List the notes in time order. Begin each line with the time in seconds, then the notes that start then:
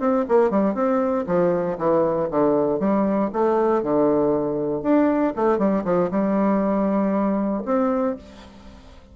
0.00 C4
0.29 A#3
0.51 G3
0.75 C4
1.27 F3
1.78 E3
2.30 D3
2.80 G3
3.33 A3
3.83 D3
4.83 D4
5.36 A3
5.59 G3
5.85 F3
6.11 G3
7.65 C4